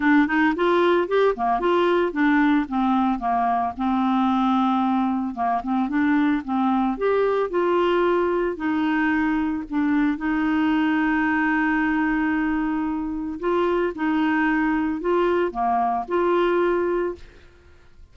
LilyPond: \new Staff \with { instrumentName = "clarinet" } { \time 4/4 \tempo 4 = 112 d'8 dis'8 f'4 g'8 ais8 f'4 | d'4 c'4 ais4 c'4~ | c'2 ais8 c'8 d'4 | c'4 g'4 f'2 |
dis'2 d'4 dis'4~ | dis'1~ | dis'4 f'4 dis'2 | f'4 ais4 f'2 | }